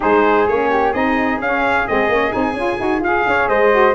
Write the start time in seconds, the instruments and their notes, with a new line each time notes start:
0.00 tuba G#3, saxophone D#4, flute G#4, trumpet C5
0.47 tuba A#3, saxophone C#4, trumpet C#5
0.69 flute G4
0.92 tuba C4, saxophone D#4, flute G#4, trumpet D#5
1.39 tuba C#4, saxophone C#4, trumpet F5
1.87 tuba G#3, saxophone C4, trumpet D#5
2.08 tuba A#3, saxophone C#4
2.30 tuba C4, saxophone D#4, trumpet G#5
2.53 tuba C#4, saxophone F4
2.77 tuba D#4, saxophone F#4
2.99 tuba F4, saxophone G#4, trumpet F5
3.26 tuba C#4, flute C#5
3.48 tuba G#3, flute C5, trumpet D#5
3.70 saxophone F#4